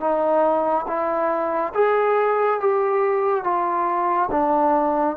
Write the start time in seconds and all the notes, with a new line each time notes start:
0.00 D#4
0.87 E4
1.75 G#4
2.61 G4
3.44 F4
4.31 D4